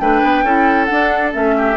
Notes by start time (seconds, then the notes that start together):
0.00 A3 D4 B4 G5
0.23 B3
0.43 C#4 E4 A4
0.85 D4 F#5
0.92 D4
1.32 A3 C#4 E5
1.58 G4